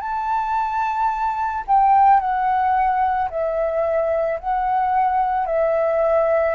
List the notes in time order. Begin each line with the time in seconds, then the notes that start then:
0.00 A5
1.67 G5
2.20 F#5
3.30 E5
4.39 F#5
5.46 E5